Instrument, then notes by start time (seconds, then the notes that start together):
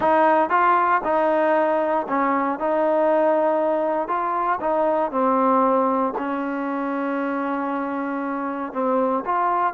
trombone
0.00 D#4
0.49 F4
1.04 D#4
2.08 C#4
2.59 D#4
4.08 F4
4.60 D#4
5.11 C4
6.17 C#4
8.72 C4
9.25 F4